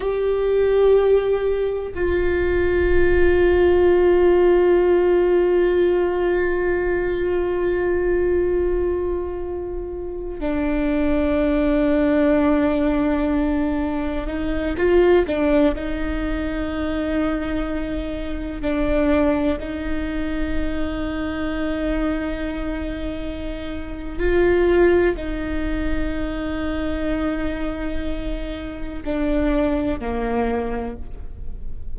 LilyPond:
\new Staff \with { instrumentName = "viola" } { \time 4/4 \tempo 4 = 62 g'2 f'2~ | f'1~ | f'2~ f'8. d'4~ d'16~ | d'2~ d'8. dis'8 f'8 d'16~ |
d'16 dis'2. d'8.~ | d'16 dis'2.~ dis'8.~ | dis'4 f'4 dis'2~ | dis'2 d'4 ais4 | }